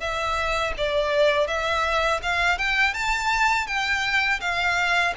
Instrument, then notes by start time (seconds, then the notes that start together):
violin
0.00 E5
0.77 D5
1.47 E5
2.23 F5
2.58 G5
2.93 A5
3.67 G5
4.40 F5